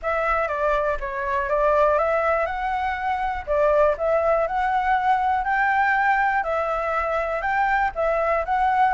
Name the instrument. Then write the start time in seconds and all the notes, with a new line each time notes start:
flute
0.02 E5
0.48 D5
1.00 C#5
1.49 D5
1.98 E5
2.45 F#5
3.46 D5
3.97 E5
4.47 F#5
5.44 G5
6.43 E5
7.41 G5
7.95 E5
8.45 F#5